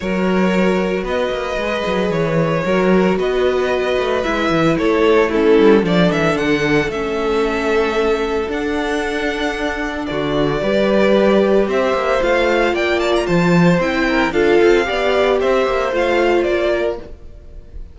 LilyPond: <<
  \new Staff \with { instrumentName = "violin" } { \time 4/4 \tempo 4 = 113 cis''2 dis''2 | cis''2 dis''2 | e''4 cis''4 a'4 d''8 e''8 | fis''4 e''2. |
fis''2. d''4~ | d''2 e''4 f''4 | g''8 a''16 ais''16 a''4 g''4 f''4~ | f''4 e''4 f''4 d''4 | }
  \new Staff \with { instrumentName = "violin" } { \time 4/4 ais'2 b'2~ | b'4 ais'4 b'2~ | b'4 a'4 e'4 a'4~ | a'1~ |
a'2. fis'4 | b'2 c''2 | d''4 c''4. ais'8 a'4 | d''4 c''2~ c''8 ais'8 | }
  \new Staff \with { instrumentName = "viola" } { \time 4/4 fis'2. gis'4~ | gis'4 fis'2. | e'2 cis'4 d'4~ | d'4 cis'2. |
d'1 | g'2. f'4~ | f'2 e'4 f'4 | g'2 f'2 | }
  \new Staff \with { instrumentName = "cello" } { \time 4/4 fis2 b8 ais8 gis8 fis8 | e4 fis4 b4. a8 | gis8 e8 a4. g8 f8 e8 | d4 a2. |
d'2. d4 | g2 c'8 ais8 a4 | ais4 f4 c'4 d'8 c'8 | b4 c'8 ais8 a4 ais4 | }
>>